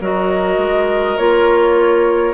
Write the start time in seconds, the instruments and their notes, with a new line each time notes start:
0.00 bassoon F#3, clarinet F#4, oboe A#4, flute D#5
0.57 bassoon G#3
1.17 bassoon A#3, clarinet F4, flute C#5